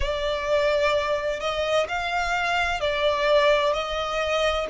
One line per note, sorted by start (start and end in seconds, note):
0.00 1.40 D5
1.40 1.87 D#5
1.88 2.80 F5
2.80 3.73 D5
3.73 4.66 D#5